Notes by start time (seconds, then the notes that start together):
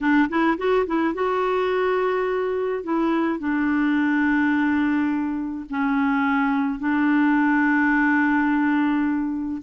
0.00 D4
0.29 E4
0.57 F#4
0.86 E4
1.14 F#4
2.83 E4
3.39 D4
5.69 C#4
6.79 D4